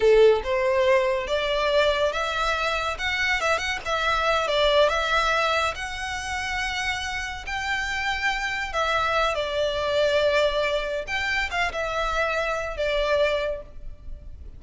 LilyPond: \new Staff \with { instrumentName = "violin" } { \time 4/4 \tempo 4 = 141 a'4 c''2 d''4~ | d''4 e''2 fis''4 | e''8 fis''8 e''4. d''4 e''8~ | e''4. fis''2~ fis''8~ |
fis''4. g''2~ g''8~ | g''8 e''4. d''2~ | d''2 g''4 f''8 e''8~ | e''2 d''2 | }